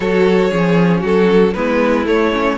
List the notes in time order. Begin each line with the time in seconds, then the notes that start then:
0.00 F#3 F#4 A4 C#5
0.51 F3 C#4 G#4
1.00 F#3 F#4 A4
1.53 G#3 B3 E4 B4
2.05 A3 C#5
2.32 C#4